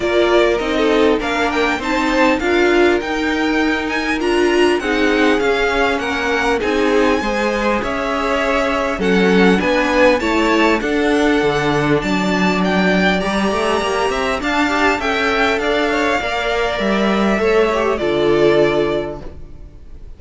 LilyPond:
<<
  \new Staff \with { instrumentName = "violin" } { \time 4/4 \tempo 4 = 100 d''4 dis''4 f''8 g''8 a''4 | f''4 g''4. gis''8 ais''4 | fis''4 f''4 fis''4 gis''4~ | gis''4 e''2 fis''4 |
gis''4 a''4 fis''2 | a''4 g''4 ais''2 | a''4 g''4 f''2 | e''2 d''2 | }
  \new Staff \with { instrumentName = "violin" } { \time 4/4 ais'4~ ais'16 a'8. ais'4 c''4 | ais'1 | gis'2 ais'4 gis'4 | c''4 cis''2 a'4 |
b'4 cis''4 a'2 | d''2.~ d''8 e''8 | f''4 e''4 d''8 cis''8 d''4~ | d''4 cis''4 a'2 | }
  \new Staff \with { instrumentName = "viola" } { \time 4/4 f'4 dis'4 d'4 dis'4 | f'4 dis'2 f'4 | dis'4 cis'2 dis'4 | gis'2. cis'4 |
d'4 e'4 d'2~ | d'2 g'2 | d'8 g'8 a'2 ais'4~ | ais'4 a'8 g'8 f'2 | }
  \new Staff \with { instrumentName = "cello" } { \time 4/4 ais4 c'4 ais4 c'4 | d'4 dis'2 d'4 | c'4 cis'4 ais4 c'4 | gis4 cis'2 fis4 |
b4 a4 d'4 d4 | fis2 g8 a8 ais8 c'8 | d'4 cis'4 d'4 ais4 | g4 a4 d2 | }
>>